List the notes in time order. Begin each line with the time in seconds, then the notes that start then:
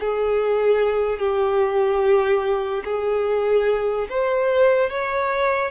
0.00 G#4
1.19 G4
2.84 G#4
4.09 C5
4.90 C#5